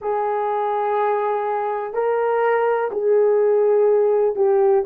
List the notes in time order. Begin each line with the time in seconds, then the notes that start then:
0.01 G#4
1.93 A#4
2.91 G#4
4.35 G4